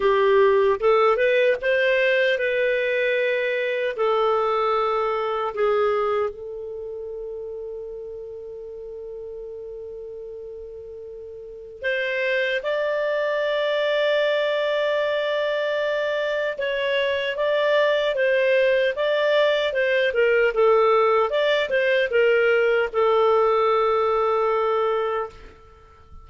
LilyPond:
\new Staff \with { instrumentName = "clarinet" } { \time 4/4 \tempo 4 = 76 g'4 a'8 b'8 c''4 b'4~ | b'4 a'2 gis'4 | a'1~ | a'2. c''4 |
d''1~ | d''4 cis''4 d''4 c''4 | d''4 c''8 ais'8 a'4 d''8 c''8 | ais'4 a'2. | }